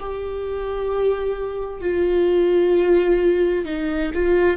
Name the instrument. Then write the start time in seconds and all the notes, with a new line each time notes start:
viola
0.00 G4
1.81 F4
3.66 D#4
4.15 F4